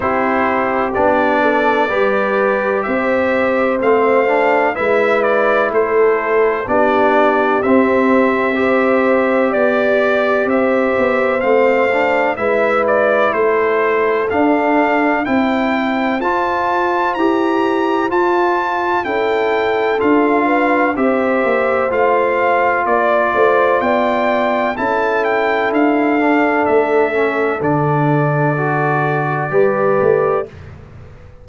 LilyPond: <<
  \new Staff \with { instrumentName = "trumpet" } { \time 4/4 \tempo 4 = 63 c''4 d''2 e''4 | f''4 e''8 d''8 c''4 d''4 | e''2 d''4 e''4 | f''4 e''8 d''8 c''4 f''4 |
g''4 a''4 ais''4 a''4 | g''4 f''4 e''4 f''4 | d''4 g''4 a''8 g''8 f''4 | e''4 d''2. | }
  \new Staff \with { instrumentName = "horn" } { \time 4/4 g'4. a'8 b'4 c''4~ | c''4 b'4 a'4 g'4~ | g'4 c''4 d''4 c''4~ | c''4 b'4 a'2 |
c''1 | a'4. b'8 c''2 | d''8 c''8 d''4 a'2~ | a'2. b'4 | }
  \new Staff \with { instrumentName = "trombone" } { \time 4/4 e'4 d'4 g'2 | c'8 d'8 e'2 d'4 | c'4 g'2. | c'8 d'8 e'2 d'4 |
e'4 f'4 g'4 f'4 | e'4 f'4 g'4 f'4~ | f'2 e'4. d'8~ | d'8 cis'8 d'4 fis'4 g'4 | }
  \new Staff \with { instrumentName = "tuba" } { \time 4/4 c'4 b4 g4 c'4 | a4 gis4 a4 b4 | c'2 b4 c'8 b8 | a4 gis4 a4 d'4 |
c'4 f'4 e'4 f'4 | cis'4 d'4 c'8 ais8 a4 | ais8 a8 b4 cis'4 d'4 | a4 d2 g8 a8 | }
>>